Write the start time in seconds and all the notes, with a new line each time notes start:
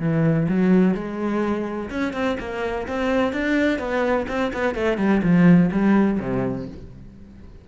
0.00 E3
0.48 F#3
0.94 G#3
1.90 C#4
2.13 C4
2.39 A#3
2.88 C4
3.33 D4
3.79 B3
4.28 C4
4.53 B3
4.75 A3
4.98 G3
5.23 F3
5.72 G3
6.20 C3